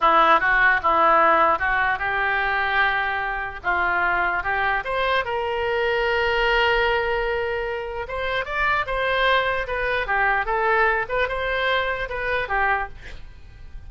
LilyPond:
\new Staff \with { instrumentName = "oboe" } { \time 4/4 \tempo 4 = 149 e'4 fis'4 e'2 | fis'4 g'2.~ | g'4 f'2 g'4 | c''4 ais'2.~ |
ais'1 | c''4 d''4 c''2 | b'4 g'4 a'4. b'8 | c''2 b'4 g'4 | }